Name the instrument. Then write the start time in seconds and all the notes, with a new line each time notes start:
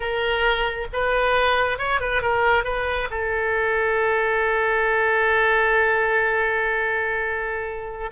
oboe
0.00 A#4
0.92 B4
1.78 C#5
2.00 B4
2.22 A#4
2.64 B4
3.10 A4